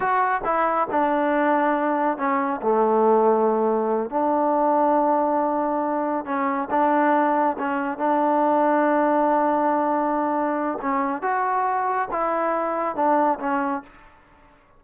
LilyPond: \new Staff \with { instrumentName = "trombone" } { \time 4/4 \tempo 4 = 139 fis'4 e'4 d'2~ | d'4 cis'4 a2~ | a4. d'2~ d'8~ | d'2~ d'8 cis'4 d'8~ |
d'4. cis'4 d'4.~ | d'1~ | d'4 cis'4 fis'2 | e'2 d'4 cis'4 | }